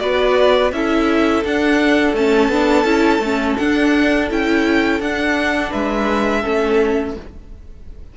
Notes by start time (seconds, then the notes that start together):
0.00 B3 F#4 B4 D5
0.72 C#4 E4 A4 E5
1.44 D4 F#5
2.14 A3 C#4 A5
2.49 B3 D4
2.85 C#4 E4
3.19 A3 C#4
3.58 D4 F#5
4.30 C#4 E4 G5
5.00 D4 F#5
5.71 G#3 B4 E5
6.42 A3 C#4 A4